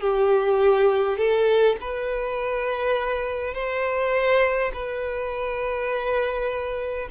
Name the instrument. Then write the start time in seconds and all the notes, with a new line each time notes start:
violin
0.00 G4
1.18 A4
1.81 B4
3.54 C5
4.73 B4